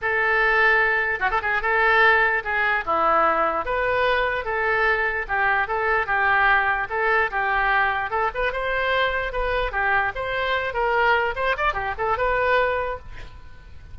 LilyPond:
\new Staff \with { instrumentName = "oboe" } { \time 4/4 \tempo 4 = 148 a'2. fis'16 a'16 gis'8 | a'2 gis'4 e'4~ | e'4 b'2 a'4~ | a'4 g'4 a'4 g'4~ |
g'4 a'4 g'2 | a'8 b'8 c''2 b'4 | g'4 c''4. ais'4. | c''8 d''8 g'8 a'8 b'2 | }